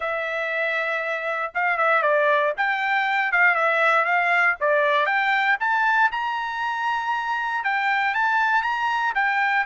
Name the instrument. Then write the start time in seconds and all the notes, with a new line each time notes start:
trumpet
0.00 E5
1.54 F5
1.77 E5
2.02 D5
2.57 G5
3.31 F5
3.54 E5
4.04 F5
4.60 D5
5.06 G5
5.60 A5
6.11 A#5
7.64 G5
8.14 A5
8.62 A#5
9.15 G5